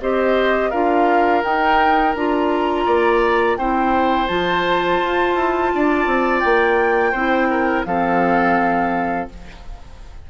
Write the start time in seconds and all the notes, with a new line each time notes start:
0.00 C4 G4 C5 D#5
0.70 D4 F4 A#4 F5
1.42 D#4 G5
2.15 D4 F4 A#5
2.85 A#3 D5
3.56 C4 E4 C5 G5
4.27 F3 F4 A5
5.00 F4
5.35 E4
5.74 D4 D5
6.06 C4
6.40 A#3 G5
7.11 C4 E4 C5
7.50 A#4
7.85 F3 C4 A4 F5